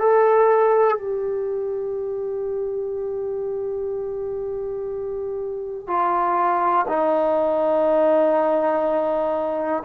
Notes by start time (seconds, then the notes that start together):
0.00 A4
0.98 G4
5.87 F4
6.88 D#4